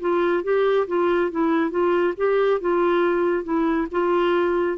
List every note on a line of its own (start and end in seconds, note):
0.00 0.43 F4
0.43 0.87 G4
0.87 1.31 F4
1.31 1.70 E4
1.70 2.14 F4
2.17 2.60 G4
2.61 3.43 F4
3.43 3.87 E4
3.91 4.78 F4